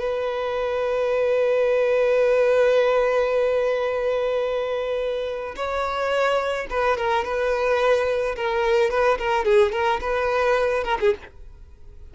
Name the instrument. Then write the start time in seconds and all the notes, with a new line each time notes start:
violin
0.00 B4
5.56 C#5
6.70 B4
6.97 A#4
7.25 B4
8.36 A#4
8.91 B4
9.19 A#4
9.45 G#4
9.72 A#4
10.01 B4
10.85 A#4
11.01 G#4